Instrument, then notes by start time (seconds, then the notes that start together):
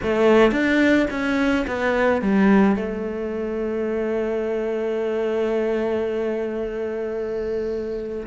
cello
0.02 A3
0.51 D4
1.10 C#4
1.67 B3
2.21 G3
2.75 A3